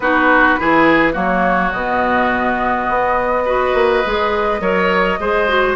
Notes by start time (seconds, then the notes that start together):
0.00 B3 D#4 F#4 B4
0.59 E3 E4 G#4
1.12 F#3 A#3 F#4 C#5
1.72 B2 B3 D#5
2.89 B3
3.45 F#4 B4
3.74 A#3
4.05 G#3 G#4
4.60 F#3 A#4 C#5
5.19 G#3 G#4 C5
5.48 F#4